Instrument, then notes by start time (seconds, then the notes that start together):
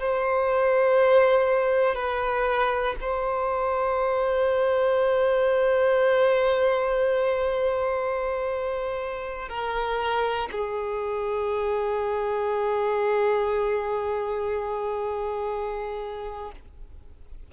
violin
0.00 C5
1.95 B4
3.00 C5
9.49 A#4
10.52 G#4